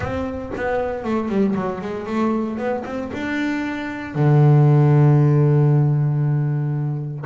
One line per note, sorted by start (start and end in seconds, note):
0.00 0.52 C4
0.55 1.04 B3
1.04 1.28 A3
1.28 1.54 G3
1.55 1.81 F#3
1.81 2.06 G#3
2.06 2.57 A3
2.57 2.83 B3
2.85 3.11 C4
3.13 4.14 D4
4.14 7.25 D3